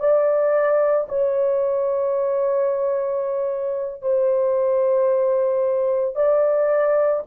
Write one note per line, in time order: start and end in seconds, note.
0.00 1.07 D5
1.09 4.02 C#5
4.02 6.16 C5
6.16 7.23 D5